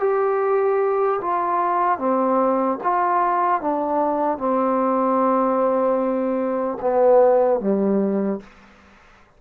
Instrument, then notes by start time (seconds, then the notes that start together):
trombone
0.00 G4
1.21 F4
1.98 C4
2.83 F4
3.61 D4
4.38 C4
6.81 B3
7.60 G3